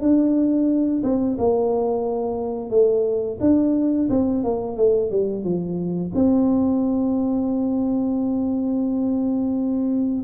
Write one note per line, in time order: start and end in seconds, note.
0.00 1.02 D4
1.03 1.37 C4
1.38 2.70 A#3
2.70 3.38 A3
3.40 4.08 D4
4.09 4.43 C4
4.43 4.77 A#3
4.77 5.10 A3
5.10 5.44 G3
5.44 6.12 F3
6.15 10.23 C4